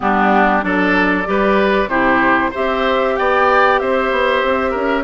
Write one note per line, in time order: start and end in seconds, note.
0.00 0.63 G3
0.00 0.61 B3
0.00 0.64 D4
0.00 0.63 G4
0.61 1.26 F#3
0.61 1.24 D4
0.61 1.27 A4
0.61 1.88 D5
1.25 1.87 G3
1.25 1.88 G4
1.25 1.89 B4
1.87 2.50 C3
1.87 2.52 E4
1.87 2.50 G4
1.87 2.51 C5
2.50 3.19 C4
2.50 5.04 G4
2.50 3.14 C5
2.50 3.16 E5
3.16 3.81 B3
3.16 3.80 D5
3.16 3.79 G5
3.79 4.11 C4
3.79 4.70 C5
3.79 5.04 E5
4.11 4.42 B3
4.43 4.74 C4
4.70 5.04 C#4
4.70 5.02 A#4